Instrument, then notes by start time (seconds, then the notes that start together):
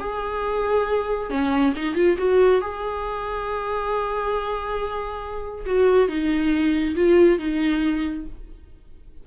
viola
0.00 G#4
1.30 C#4
1.76 D#4
1.95 F4
2.18 F#4
2.61 G#4
5.66 F#4
6.08 D#4
6.96 F4
7.39 D#4